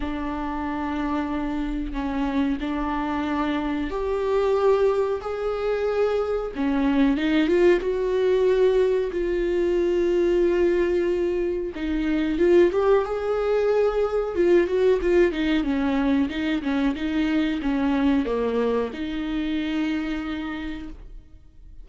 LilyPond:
\new Staff \with { instrumentName = "viola" } { \time 4/4 \tempo 4 = 92 d'2. cis'4 | d'2 g'2 | gis'2 cis'4 dis'8 f'8 | fis'2 f'2~ |
f'2 dis'4 f'8 g'8 | gis'2 f'8 fis'8 f'8 dis'8 | cis'4 dis'8 cis'8 dis'4 cis'4 | ais4 dis'2. | }